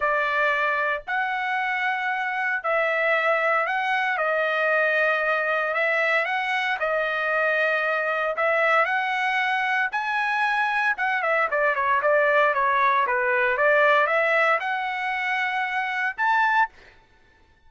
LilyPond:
\new Staff \with { instrumentName = "trumpet" } { \time 4/4 \tempo 4 = 115 d''2 fis''2~ | fis''4 e''2 fis''4 | dis''2. e''4 | fis''4 dis''2. |
e''4 fis''2 gis''4~ | gis''4 fis''8 e''8 d''8 cis''8 d''4 | cis''4 b'4 d''4 e''4 | fis''2. a''4 | }